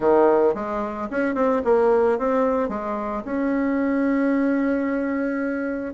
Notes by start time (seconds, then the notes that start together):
0.00 D#3
0.54 G#3
1.10 C#4
1.35 C4
1.64 A#3
2.18 C4
2.68 G#3
3.24 C#4